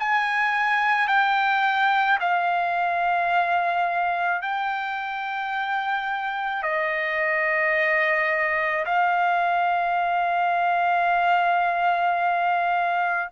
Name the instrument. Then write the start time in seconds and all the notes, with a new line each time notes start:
trumpet
0.00 G#5
1.08 G5
2.21 F5
4.42 G5
6.63 D#5
8.86 F5